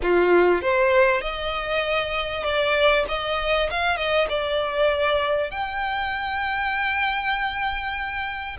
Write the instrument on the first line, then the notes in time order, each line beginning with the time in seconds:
violin
0.02 F4
0.61 C5
1.21 D#5
2.43 D5
3.08 D#5
3.70 F5
3.96 D#5
4.29 D5
5.50 G5